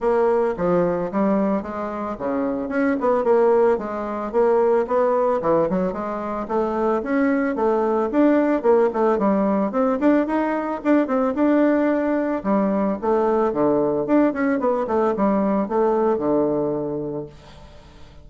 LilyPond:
\new Staff \with { instrumentName = "bassoon" } { \time 4/4 \tempo 4 = 111 ais4 f4 g4 gis4 | cis4 cis'8 b8 ais4 gis4 | ais4 b4 e8 fis8 gis4 | a4 cis'4 a4 d'4 |
ais8 a8 g4 c'8 d'8 dis'4 | d'8 c'8 d'2 g4 | a4 d4 d'8 cis'8 b8 a8 | g4 a4 d2 | }